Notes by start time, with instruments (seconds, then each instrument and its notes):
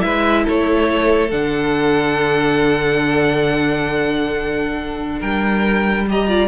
0.00 cello G#3, viola E4, violin B4 E5
0.44 cello A3, violin A4 C#5
1.31 cello D3, viola D4, violin F#5
5.20 cello G3, violin A#4 G5
6.08 viola G4, violin D#5 A#5
6.28 viola F4, violin D5